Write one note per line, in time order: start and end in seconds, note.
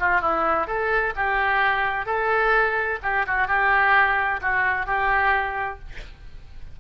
0.00 0.22 F4
0.22 0.67 E4
0.67 1.14 A4
1.16 2.06 G4
2.06 2.99 A4
3.03 3.26 G4
3.27 3.48 F#4
3.48 4.41 G4
4.42 4.86 F#4
4.86 5.79 G4